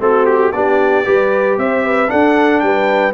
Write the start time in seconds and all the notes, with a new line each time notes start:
0.00 A3 C4 F#4 A4
0.26 G4
0.53 B3 D4 G4 D5
1.05 G3 G4 B4
1.58 C4 C5 E5
1.85 B4
2.08 D4 A4 F#5
2.60 G3 B4 G5